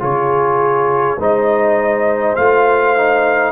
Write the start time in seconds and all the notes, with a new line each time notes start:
0.00 C#3 F4 G#4 C#5
1.19 G#3 D#4 C5 D#5
2.36 A3 F4 F5
2.97 D#4